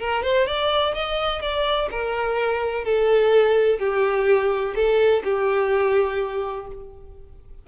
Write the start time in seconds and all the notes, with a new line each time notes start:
0.00 A#4
0.23 C5
0.47 D5
0.94 D#5
1.41 D5
1.91 A#4
2.84 A4
3.79 G4
4.75 A4
5.24 G4